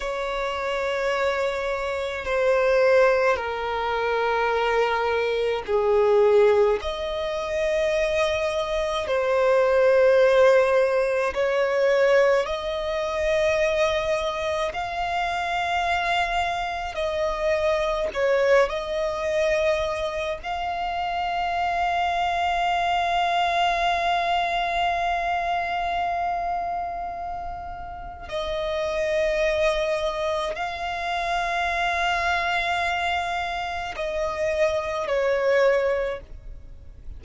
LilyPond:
\new Staff \with { instrumentName = "violin" } { \time 4/4 \tempo 4 = 53 cis''2 c''4 ais'4~ | ais'4 gis'4 dis''2 | c''2 cis''4 dis''4~ | dis''4 f''2 dis''4 |
cis''8 dis''4. f''2~ | f''1~ | f''4 dis''2 f''4~ | f''2 dis''4 cis''4 | }